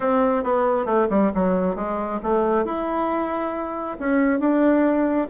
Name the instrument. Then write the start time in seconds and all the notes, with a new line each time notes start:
bassoon
0.00 C4
0.43 B3
0.85 A3
1.09 G3
1.34 F#3
1.75 G#3
2.22 A3
2.65 E4
3.99 C#4
4.39 D4